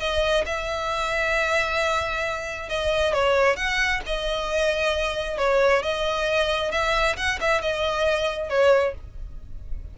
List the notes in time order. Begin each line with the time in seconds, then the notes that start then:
0.00 D#5
0.46 E5
2.69 D#5
3.13 C#5
3.56 F#5
4.06 D#5
5.38 C#5
5.83 D#5
6.72 E5
7.17 F#5
7.41 E5
7.62 D#5
8.50 C#5